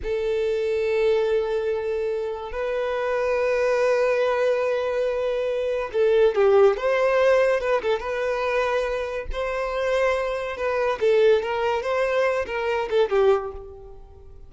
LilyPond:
\new Staff \with { instrumentName = "violin" } { \time 4/4 \tempo 4 = 142 a'1~ | a'2 b'2~ | b'1~ | b'2 a'4 g'4 |
c''2 b'8 a'8 b'4~ | b'2 c''2~ | c''4 b'4 a'4 ais'4 | c''4. ais'4 a'8 g'4 | }